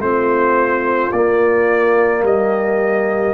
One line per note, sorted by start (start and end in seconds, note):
0.00 1.11 A3
0.00 1.12 C4
0.00 2.26 F4
0.00 1.12 C5
1.12 2.23 A#3
1.12 3.34 A#3
1.12 2.23 D5
2.23 3.34 G3
2.23 3.34 G4
2.23 3.34 D#5